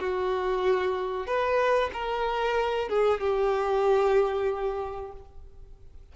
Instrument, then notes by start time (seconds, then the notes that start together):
violin
0.00 F#4
1.27 B4
1.94 A#4
2.89 G#4
3.21 G4